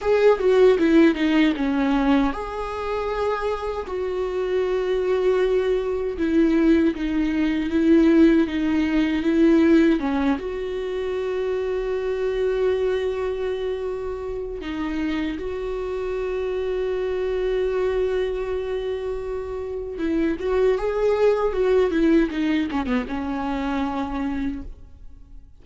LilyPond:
\new Staff \with { instrumentName = "viola" } { \time 4/4 \tempo 4 = 78 gis'8 fis'8 e'8 dis'8 cis'4 gis'4~ | gis'4 fis'2. | e'4 dis'4 e'4 dis'4 | e'4 cis'8 fis'2~ fis'8~ |
fis'2. dis'4 | fis'1~ | fis'2 e'8 fis'8 gis'4 | fis'8 e'8 dis'8 cis'16 b16 cis'2 | }